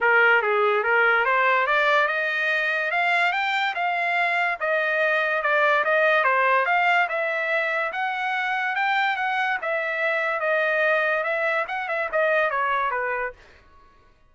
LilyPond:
\new Staff \with { instrumentName = "trumpet" } { \time 4/4 \tempo 4 = 144 ais'4 gis'4 ais'4 c''4 | d''4 dis''2 f''4 | g''4 f''2 dis''4~ | dis''4 d''4 dis''4 c''4 |
f''4 e''2 fis''4~ | fis''4 g''4 fis''4 e''4~ | e''4 dis''2 e''4 | fis''8 e''8 dis''4 cis''4 b'4 | }